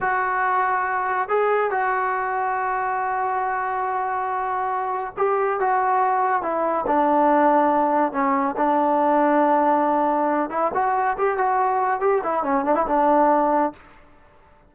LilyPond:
\new Staff \with { instrumentName = "trombone" } { \time 4/4 \tempo 4 = 140 fis'2. gis'4 | fis'1~ | fis'1 | g'4 fis'2 e'4 |
d'2. cis'4 | d'1~ | d'8 e'8 fis'4 g'8 fis'4. | g'8 e'8 cis'8 d'16 e'16 d'2 | }